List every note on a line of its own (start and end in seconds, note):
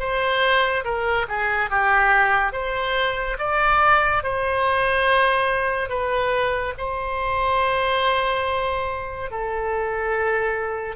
0.00 0.85 C5
0.85 1.27 A#4
1.29 1.71 G#4
1.71 2.53 G4
2.53 3.38 C5
3.39 4.23 D5
4.24 5.90 C5
5.90 6.74 B4
6.78 9.31 C5
9.31 10.96 A4